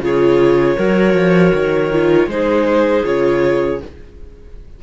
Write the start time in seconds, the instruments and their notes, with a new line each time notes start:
0.00 cello C#3, viola F4, clarinet G#4, violin C#5
0.76 cello F#3, viola F#4, clarinet A#4
1.14 cello F3
1.54 cello D#3
1.93 viola F4
2.26 cello G#3, viola D#4, clarinet G#4, violin C5
3.04 cello C#3, viola F4, violin C#5